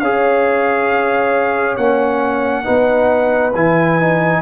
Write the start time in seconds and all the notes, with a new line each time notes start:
0.00 C#4 G#4 C#5 F5
1.77 A#3 C#4 F#5
2.64 B3 D#4 B4
3.55 E3 E4 G#5
4.00 D#4